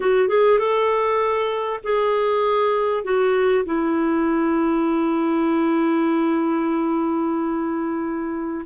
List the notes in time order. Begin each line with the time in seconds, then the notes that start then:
0.00 F#4
0.28 G#4
0.58 A4
1.83 G#4
3.04 F#4
3.65 E4